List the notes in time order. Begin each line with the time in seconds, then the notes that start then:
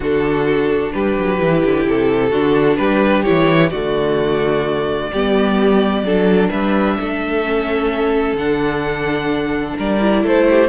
0.00 D3 D4 F#4 A4
0.91 G3 G4 B4
1.18 F#3
1.38 E3 E4
1.64 D3
1.87 C3 A4
2.30 D3 D4 F#4
2.76 G3 G4 B4
3.23 E3 E4 C#5
3.70 D3 A3 F#4 D5
5.12 G3 B3 G4
6.02 F#3 D4 A4
6.50 G3 B4 E5
7.00 A3 A4
7.44 C#4
8.33 D3 D4 F#5
9.77 G3 A#4 D5
9.99 E4
10.23 A3 A4 C5
10.49 G4